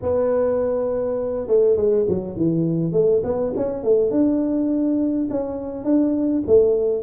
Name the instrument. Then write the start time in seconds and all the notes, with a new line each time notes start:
tuba
0.02 B3
1.47 A3
1.76 G#3
2.08 F#3
2.36 E3
2.92 A3
3.23 B3
3.56 C#4
3.83 A3
4.10 D4
5.30 C#4
5.84 D4
6.46 A3